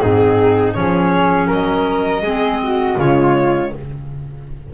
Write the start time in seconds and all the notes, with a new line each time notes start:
0.00 G#2 C4 D#4 G#4
0.73 F3 C#4 G#4 C#5
1.47 F#3 A#4 D#5
2.22 G#3 C4 G#4
2.64 F#4
2.98 C#3 G#3 F4 C#5